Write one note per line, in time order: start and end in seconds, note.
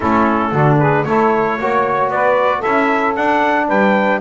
0.00 0.51 A3
0.00 0.54 C#4
0.00 0.51 E4
0.00 0.77 A4
0.51 1.04 D3
0.51 1.07 D4
0.51 0.78 F#4
0.79 1.06 G#4
0.79 1.04 B4
1.04 1.58 A3
1.04 1.60 E4
1.04 1.59 A4
1.04 2.09 C#5
1.58 2.08 A#3
1.58 2.64 F#4
1.58 2.12 C#5
2.08 2.61 B3
2.08 2.58 B4
2.08 2.61 D5
2.58 3.16 E4
2.58 3.63 A4
2.58 3.14 E5
2.65 3.16 C#4
3.15 3.68 D4
3.15 4.20 D4
3.15 3.68 F#5
3.67 4.20 G3
3.67 4.20 B4
3.67 4.20 G5